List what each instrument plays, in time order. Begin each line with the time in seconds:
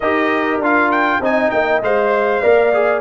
0.00 tuba D#4, trombone G4, horn A#4, trumpet D#5
0.58 tuba D4, trombone F4
0.64 trumpet F5
0.91 trumpet G5
1.20 tuba C4, trombone D#4, horn D#5, trumpet G#5
1.50 tuba A#3, trumpet G5
1.82 tuba G#3, trombone C5, trumpet F5
2.41 tuba A#3, trombone A#4, horn D5
2.73 trombone G#4